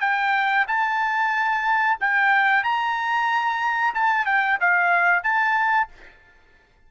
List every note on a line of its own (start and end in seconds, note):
0.00 0.65 G5
0.67 1.98 A5
2.00 2.63 G5
2.63 3.94 A#5
3.94 4.25 A5
4.25 4.58 G5
4.60 5.23 F5
5.23 5.88 A5